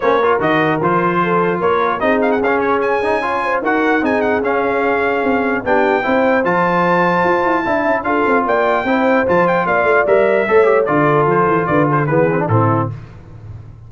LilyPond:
<<
  \new Staff \with { instrumentName = "trumpet" } { \time 4/4 \tempo 4 = 149 cis''4 dis''4 c''2 | cis''4 dis''8 f''16 fis''16 f''8 cis''8 gis''4~ | gis''4 fis''4 gis''8 fis''8 f''4~ | f''2 g''2 |
a''1 | f''4 g''2 a''8 g''8 | f''4 e''2 d''4 | c''4 d''8 c''8 b'4 a'4 | }
  \new Staff \with { instrumentName = "horn" } { \time 4/4 c''8 ais'2~ ais'8 a'4 | ais'4 gis'2. | cis''8 c''8 ais'4 gis'2~ | gis'2 g'4 c''4~ |
c''2. e''4 | a'4 d''4 c''2 | d''2 cis''4 a'4~ | a'4 b'8 a'8 gis'4 e'4 | }
  \new Staff \with { instrumentName = "trombone" } { \time 4/4 cis'8 f'8 fis'4 f'2~ | f'4 dis'4 cis'4. dis'8 | f'4 fis'4 dis'4 cis'4~ | cis'2 d'4 e'4 |
f'2. e'4 | f'2 e'4 f'4~ | f'4 ais'4 a'8 g'8 f'4~ | f'2 b8 c'16 d'16 c'4 | }
  \new Staff \with { instrumentName = "tuba" } { \time 4/4 ais4 dis4 f2 | ais4 c'4 cis'2~ | cis'4 dis'4 c'4 cis'4~ | cis'4 c'4 b4 c'4 |
f2 f'8 e'8 d'8 cis'8 | d'8 c'8 ais4 c'4 f4 | ais8 a8 g4 a4 d4 | f8 e8 d4 e4 a,4 | }
>>